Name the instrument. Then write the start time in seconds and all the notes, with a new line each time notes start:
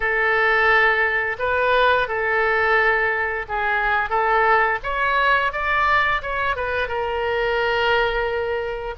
oboe
0.00 A4
1.39 B4
2.08 A4
3.48 G#4
4.09 A4
4.83 C#5
5.52 D5
6.21 C#5
6.55 B4
6.87 A#4